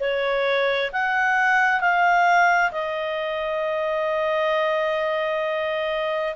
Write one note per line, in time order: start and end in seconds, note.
0.00 0.91 C#5
0.93 1.80 F#5
1.80 2.71 F5
2.71 6.35 D#5